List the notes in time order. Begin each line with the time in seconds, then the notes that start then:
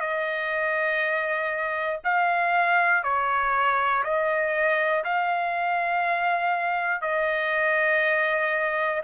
0.00 D#5
2.04 F5
3.03 C#5
4.04 D#5
5.04 F5
7.01 D#5